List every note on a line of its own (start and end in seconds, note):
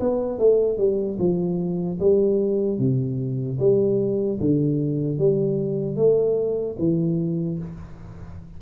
0.00 0.39 B3
0.39 0.78 A3
0.78 1.18 G3
1.19 1.99 F3
2.00 2.79 G3
2.79 3.59 C3
3.60 4.40 G3
4.40 5.18 D3
5.18 5.96 G3
5.96 6.76 A3
6.79 7.59 E3